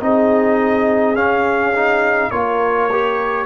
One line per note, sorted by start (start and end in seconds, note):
0.00 1.15 C4
0.00 1.15 D#4
0.00 2.31 G#4
0.00 1.16 D#5
1.15 2.31 C#4
1.15 1.73 C#4
1.15 2.30 F5
1.74 2.32 D#4
2.30 3.46 A#3
2.30 2.89 F4
2.30 3.46 A#4
2.30 3.46 C#5
2.92 3.46 G4